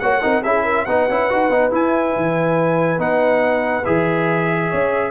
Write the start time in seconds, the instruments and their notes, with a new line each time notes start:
0.00 tuba A#3, trombone F#4, horn C#5, trumpet F#5
0.22 tuba C4, trombone D#4, horn A#4
0.43 tuba C#4, trombone E4, horn G#4, trumpet E5
0.64 horn A#4
0.85 tuba B3, trombone D#4, horn B4, trumpet F#5
1.09 tuba C#4, trombone E4
1.30 tuba D#4, trombone F#4
1.49 tuba B3, trombone D#4
1.71 trombone E4, tuba E4, trumpet G#5
2.16 tuba E3
2.98 tuba B3, trombone D#4, trumpet F#5
3.85 tuba E3, trombone G#4, trumpet E5
4.69 tuba C#4, horn C#5